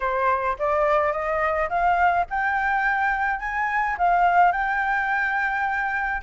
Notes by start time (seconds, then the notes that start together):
0.00 C5
0.58 D5
1.12 D#5
1.69 F5
2.30 G5
3.39 G#5
3.98 F5
4.52 G5